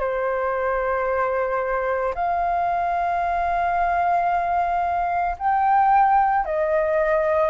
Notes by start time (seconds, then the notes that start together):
0.00 C5
2.15 F5
5.39 G5
6.45 D#5